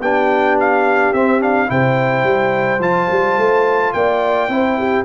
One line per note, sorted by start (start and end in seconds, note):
0.00 1.12 B3
0.00 1.15 D4
0.00 1.70 G4
0.00 0.58 G5
0.60 1.14 F5
1.13 1.69 C4
1.13 1.40 C4
1.13 1.42 E5
1.40 1.66 D4
1.40 1.70 F5
1.66 2.24 C3
1.66 2.79 E4
1.66 3.95 C5
1.66 2.82 G5
2.24 2.79 G3
2.79 3.07 F3
2.79 4.49 F4
2.79 3.93 A5
3.11 3.38 G3
3.38 3.94 A3
3.93 4.48 A#3
3.93 4.52 D5
3.93 5.05 G5
4.48 5.05 C4
4.48 5.05 E4
4.48 4.79 C5
4.79 5.05 G4